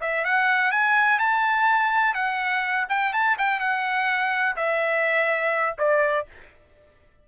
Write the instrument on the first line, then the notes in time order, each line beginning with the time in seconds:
trumpet
0.00 E5
0.24 F#5
0.71 G#5
1.19 A5
2.14 F#5
2.89 G5
3.13 A5
3.38 G5
3.60 F#5
4.56 E5
5.78 D5